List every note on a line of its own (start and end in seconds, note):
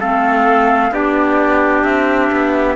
0.00 0.92 A3
0.00 0.92 C4
0.00 0.92 A4
0.00 0.93 F5
0.92 1.84 B3
0.92 2.76 D4
0.92 2.76 G4
0.92 1.84 D5
1.84 2.31 C4
1.84 2.76 E5
2.32 2.76 B3